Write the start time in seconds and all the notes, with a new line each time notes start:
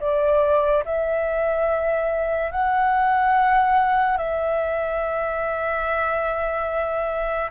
0.00 D5
0.84 E5
2.51 F#5
4.17 E5